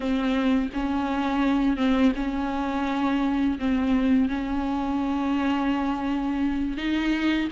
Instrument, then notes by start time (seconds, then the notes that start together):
viola
0.00 C4
0.73 C#4
1.76 C4
2.15 C#4
3.58 C4
4.29 C#4
6.77 D#4